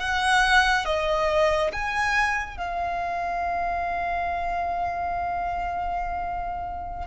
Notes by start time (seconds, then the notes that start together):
0.00 F#5
0.85 D#5
1.72 G#5
2.57 F5